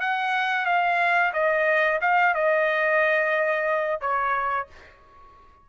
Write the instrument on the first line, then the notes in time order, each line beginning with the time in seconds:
trumpet
0.00 F#5
0.66 F5
1.33 D#5
2.01 F5
2.34 D#5
4.01 C#5